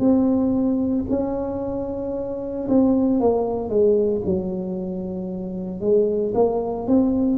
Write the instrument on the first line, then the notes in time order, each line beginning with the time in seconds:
tuba
0.00 C4
1.10 C#4
2.69 C4
3.20 A#3
3.69 G#3
4.26 F#3
5.81 G#3
6.34 A#3
6.87 C4